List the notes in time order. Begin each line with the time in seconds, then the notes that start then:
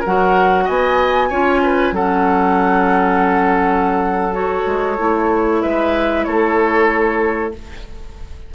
0.00 F#3 F#4 A#4 F#5
0.65 B3 D#5 G#5
1.29 C#4 F4 C#5
1.62 B4
1.92 F#3 C#4 A4 F#5
4.32 F#4 C#5
4.66 G#3
4.98 A3 E4
5.62 G#3 B4 E5
6.24 A3 A4 C#5